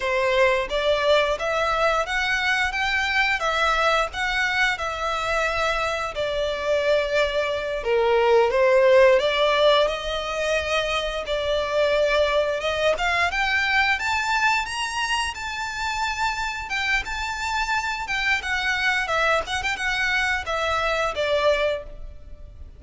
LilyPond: \new Staff \with { instrumentName = "violin" } { \time 4/4 \tempo 4 = 88 c''4 d''4 e''4 fis''4 | g''4 e''4 fis''4 e''4~ | e''4 d''2~ d''8 ais'8~ | ais'8 c''4 d''4 dis''4.~ |
dis''8 d''2 dis''8 f''8 g''8~ | g''8 a''4 ais''4 a''4.~ | a''8 g''8 a''4. g''8 fis''4 | e''8 fis''16 g''16 fis''4 e''4 d''4 | }